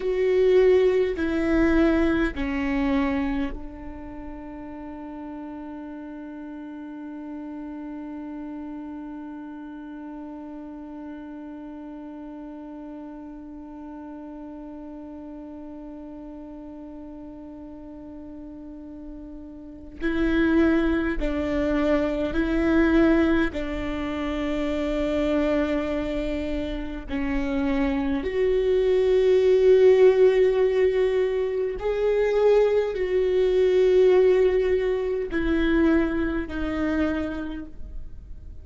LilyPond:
\new Staff \with { instrumentName = "viola" } { \time 4/4 \tempo 4 = 51 fis'4 e'4 cis'4 d'4~ | d'1~ | d'1~ | d'1~ |
d'4 e'4 d'4 e'4 | d'2. cis'4 | fis'2. gis'4 | fis'2 e'4 dis'4 | }